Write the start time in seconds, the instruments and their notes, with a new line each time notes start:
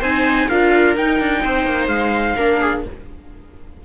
0.00 cello C4, viola D#4 C5, trumpet G#5
0.48 cello D4, viola F4 A#4, trumpet F5
0.96 cello D#4, viola D#4, trumpet G5
1.20 cello D4
1.43 cello C4, viola C5
1.66 cello A#3
1.87 cello G#3, trumpet F5
2.36 cello A#3, viola D4 A#4
2.60 viola G#4